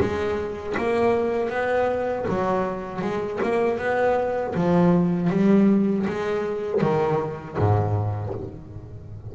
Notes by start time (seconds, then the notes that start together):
0.00 G#3
0.78 A#3
1.50 B3
2.29 F#3
3.02 G#3
3.43 A#3
3.79 B3
4.55 F3
5.31 G3
6.07 G#3
6.81 D#3
7.58 G#2